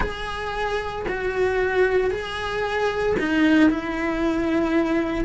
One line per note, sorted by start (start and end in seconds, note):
0.00 1.05 G#4
1.08 2.10 F#4
2.10 3.16 G#4
3.19 3.69 D#4
3.69 5.24 E4